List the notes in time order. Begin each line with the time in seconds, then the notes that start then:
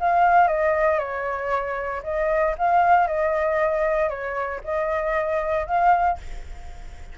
0.00 F5
0.47 D#5
0.99 C#5
2.03 D#5
2.58 F5
3.07 D#5
4.09 C#5
4.64 D#5
5.66 F5